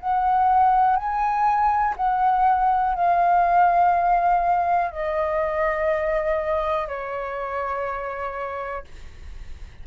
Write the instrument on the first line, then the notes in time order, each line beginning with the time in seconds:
flute
0.00 F#5
0.97 G#5
1.97 F#5
2.95 F5
4.92 D#5
6.88 C#5